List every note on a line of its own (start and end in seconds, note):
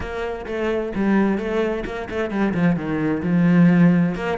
0.00 0.45 A#3
0.46 0.92 A3
0.95 1.37 G3
1.37 1.84 A3
1.85 2.08 A#3
2.10 2.30 A3
2.30 2.53 G3
2.53 2.76 F3
2.76 3.22 D#3
3.23 4.15 F3
4.15 4.38 A#3